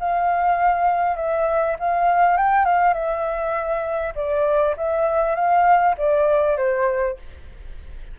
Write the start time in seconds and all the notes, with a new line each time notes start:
0.00 F5
1.17 E5
1.79 F5
2.37 G5
2.66 F5
2.94 E5
4.16 D5
4.77 E5
5.35 F5
5.98 D5
6.58 C5